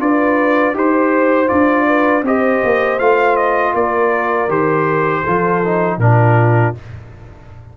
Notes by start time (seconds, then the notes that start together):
0.00 D4 F4 B4 D5
0.75 D#4 G4 C5
1.48 D4 F4 D5
1.88 B4
2.23 C4 G4 C5 D#5
2.65 A#3
3.00 A3 F4 F5
3.37 D#5
3.75 A#3 A#4 D5
4.49 D#3 G4 C5
5.23 F3 F4 A4
5.65 D#4
5.98 A#2 D4 F4 A#4